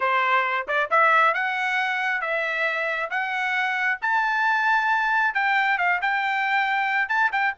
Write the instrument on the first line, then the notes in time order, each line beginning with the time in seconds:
trumpet
0.00 C5
0.67 D5
0.90 E5
1.34 F#5
2.21 E5
3.10 F#5
4.01 A5
5.34 G5
5.78 F5
6.01 G5
7.08 A5
7.32 G5